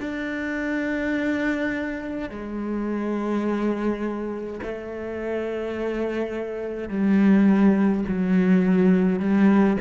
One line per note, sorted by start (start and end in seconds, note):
0.00 2.29 D4
2.29 4.60 G#3
4.63 6.89 A3
6.89 8.04 G3
8.08 9.19 F#3
9.19 9.77 G3